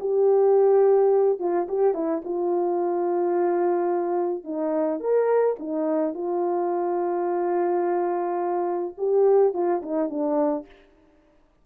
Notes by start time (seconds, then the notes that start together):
0.00 G4
1.39 F4
1.68 G4
1.94 E4
2.24 F4
4.44 D#4
5.00 A#4
5.59 D#4
6.14 F4
8.97 G4
9.53 F4
9.82 D#4
10.09 D4